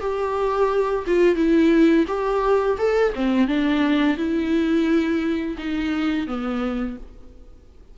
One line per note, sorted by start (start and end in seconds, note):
0.00 1.05 G4
1.06 1.35 F4
1.35 2.05 E4
2.07 2.77 G4
2.78 3.13 A4
3.15 3.47 C4
3.47 4.17 D4
4.17 5.57 E4
5.58 6.27 D#4
6.27 6.97 B3